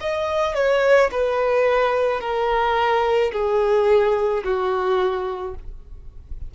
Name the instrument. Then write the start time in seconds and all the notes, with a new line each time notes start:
violin
0.00 D#5
0.54 C#5
1.11 B4
2.20 A#4
3.32 G#4
4.43 F#4